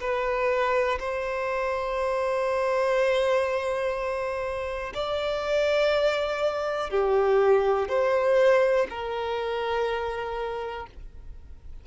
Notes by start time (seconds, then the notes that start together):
0.00 B4
0.99 C5
4.94 D5
6.90 G4
7.89 C5
8.90 A#4